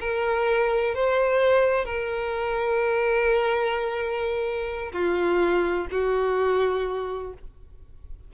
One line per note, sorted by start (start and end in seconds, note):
0.00 0.94 A#4
0.94 1.85 C5
1.85 4.92 A#4
4.92 5.87 F4
5.91 7.33 F#4